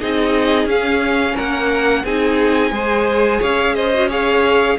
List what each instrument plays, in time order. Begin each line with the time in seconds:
0.00 cello C4, viola D#4, violin G#4 D#5
0.65 cello C#4, viola C#4, violin F5
1.34 cello A#3, violin A#4 F#5
2.04 cello C4, viola D#4, violin G#4 G#5
2.71 cello G#3, viola G#4, violin C5
3.40 cello C#4, violin C#5 F5
3.75 violin C5 D#5
3.94 viola F#4
4.08 viola G#4, violin C#5 F5